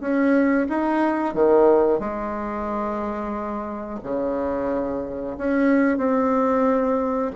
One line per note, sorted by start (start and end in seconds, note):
0.00 0.67 C#4
0.69 1.34 D#4
1.34 2.00 D#3
2.00 4.00 G#3
4.03 5.37 C#3
5.37 5.98 C#4
5.98 7.31 C4